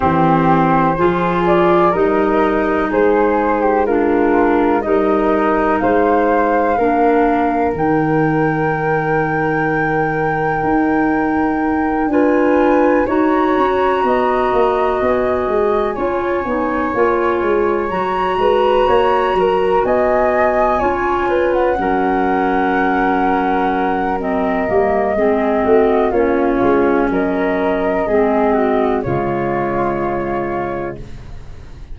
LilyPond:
<<
  \new Staff \with { instrumentName = "flute" } { \time 4/4 \tempo 4 = 62 c''4. d''8 dis''4 c''4 | ais'4 dis''4 f''2 | g''1~ | g''8 gis''4 ais''2 gis''8~ |
gis''2~ gis''8 ais''4.~ | ais''8 gis''4.~ gis''16 fis''4.~ fis''16~ | fis''4 dis''2 cis''4 | dis''2 cis''2 | }
  \new Staff \with { instrumentName = "flute" } { \time 4/4 g'4 gis'4 ais'4 gis'8. g'16 | f'4 ais'4 c''4 ais'4~ | ais'1~ | ais'8 b'4 cis''4 dis''4.~ |
dis''8 cis''2~ cis''8 b'8 cis''8 | ais'8 dis''4 cis''8 b'8 ais'4.~ | ais'2 gis'8 fis'8 f'4 | ais'4 gis'8 fis'8 f'2 | }
  \new Staff \with { instrumentName = "clarinet" } { \time 4/4 c'4 f'4 dis'2 | d'4 dis'2 d'4 | dis'1~ | dis'8 f'4 fis'2~ fis'8~ |
fis'8 f'8 dis'8 f'4 fis'4.~ | fis'4. f'4 cis'4.~ | cis'4 c'8 ais8 c'4 cis'4~ | cis'4 c'4 gis2 | }
  \new Staff \with { instrumentName = "tuba" } { \time 4/4 e4 f4 g4 gis4~ | gis4 g4 gis4 ais4 | dis2. dis'4~ | dis'8 d'4 dis'8 cis'8 b8 ais8 b8 |
gis8 cis'8 b8 ais8 gis8 fis8 gis8 ais8 | fis8 b4 cis'4 fis4.~ | fis4. g8 gis8 a8 ais8 gis8 | fis4 gis4 cis2 | }
>>